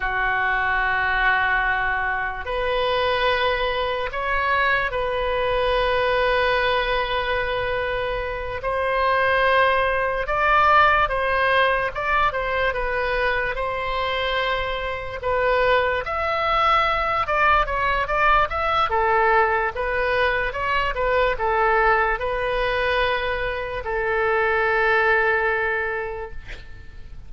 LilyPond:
\new Staff \with { instrumentName = "oboe" } { \time 4/4 \tempo 4 = 73 fis'2. b'4~ | b'4 cis''4 b'2~ | b'2~ b'8 c''4.~ | c''8 d''4 c''4 d''8 c''8 b'8~ |
b'8 c''2 b'4 e''8~ | e''4 d''8 cis''8 d''8 e''8 a'4 | b'4 cis''8 b'8 a'4 b'4~ | b'4 a'2. | }